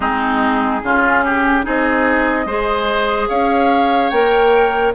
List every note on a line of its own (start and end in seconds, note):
0.00 0.82 G#3
0.00 0.82 C4
0.00 0.81 D#4
0.00 1.64 G#4
0.83 1.65 C#3
0.83 1.62 C#4
0.83 1.24 F4
1.24 1.65 G4
1.62 2.45 C4
1.62 2.45 D#4
1.62 2.46 G#4
1.62 3.29 D#5
2.45 3.28 G#3
2.45 4.11 G#4
2.45 3.28 C5
3.29 4.11 C#4
3.29 4.93 C#5
3.29 4.09 F5
4.09 4.93 A#3
4.09 4.94 A#4
4.09 4.92 G5